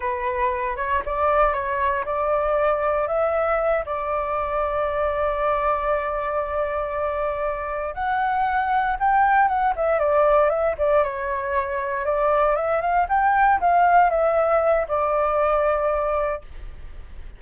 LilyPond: \new Staff \with { instrumentName = "flute" } { \time 4/4 \tempo 4 = 117 b'4. cis''8 d''4 cis''4 | d''2 e''4. d''8~ | d''1~ | d''2.~ d''8 fis''8~ |
fis''4. g''4 fis''8 e''8 d''8~ | d''8 e''8 d''8 cis''2 d''8~ | d''8 e''8 f''8 g''4 f''4 e''8~ | e''4 d''2. | }